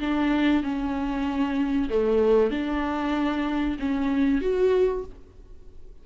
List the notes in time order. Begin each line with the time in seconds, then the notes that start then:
0.00 D4
0.63 C#4
1.89 A3
2.51 D4
3.79 C#4
4.41 F#4